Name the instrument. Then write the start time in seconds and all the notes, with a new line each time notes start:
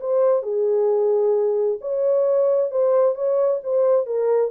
horn
0.00 C5
0.42 G#4
1.81 C#5
2.71 C5
3.15 C#5
3.63 C5
4.06 A#4